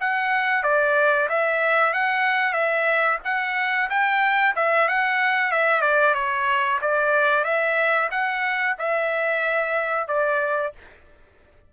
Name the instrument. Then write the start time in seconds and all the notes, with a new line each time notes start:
trumpet
0.00 F#5
0.63 D5
1.29 E5
1.93 F#5
2.53 E5
3.24 F#5
3.89 G5
4.55 E5
4.88 F#5
5.51 E5
5.81 D5
6.14 C#5
6.81 D5
7.44 E5
8.11 F#5
8.78 E5
10.07 D5